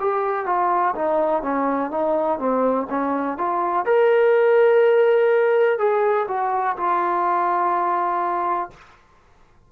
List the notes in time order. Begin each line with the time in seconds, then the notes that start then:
0.00 G4
0.46 F4
0.95 D#4
1.43 C#4
1.91 D#4
2.39 C4
2.89 C#4
3.38 F4
3.86 A#4
5.78 G#4
6.28 F#4
6.77 F4